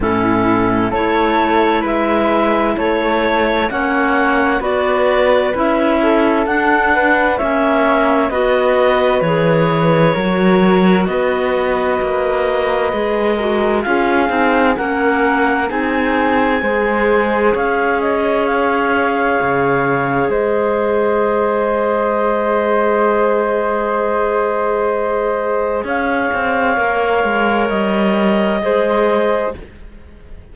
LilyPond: <<
  \new Staff \with { instrumentName = "clarinet" } { \time 4/4 \tempo 4 = 65 a'4 cis''4 e''4 cis''4 | fis''4 d''4 e''4 fis''4 | e''4 dis''4 cis''2 | dis''2. f''4 |
fis''4 gis''2 f''8 dis''8 | f''2 dis''2~ | dis''1 | f''2 dis''2 | }
  \new Staff \with { instrumentName = "flute" } { \time 4/4 e'4 a'4 b'4 a'4 | cis''4 b'4. a'4 b'8 | cis''4 b'2 ais'4 | b'2~ b'8 ais'8 gis'4 |
ais'4 gis'4 c''4 cis''4~ | cis''2 c''2~ | c''1 | cis''2. c''4 | }
  \new Staff \with { instrumentName = "clarinet" } { \time 4/4 cis'4 e'2. | cis'4 fis'4 e'4 d'4 | cis'4 fis'4 gis'4 fis'4~ | fis'2 gis'8 fis'8 f'8 dis'8 |
cis'4 dis'4 gis'2~ | gis'1~ | gis'1~ | gis'4 ais'2 gis'4 | }
  \new Staff \with { instrumentName = "cello" } { \time 4/4 a,4 a4 gis4 a4 | ais4 b4 cis'4 d'4 | ais4 b4 e4 fis4 | b4 ais4 gis4 cis'8 c'8 |
ais4 c'4 gis4 cis'4~ | cis'4 cis4 gis2~ | gis1 | cis'8 c'8 ais8 gis8 g4 gis4 | }
>>